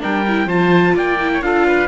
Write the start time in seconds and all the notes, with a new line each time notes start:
0.00 G3 D4 A#4 G5
0.28 E4
0.46 F3 F4 C5 A5
0.95 A#3 D5 G5
1.20 E4
1.33 C#5
1.41 D4 F4 A4 F5
1.66 B4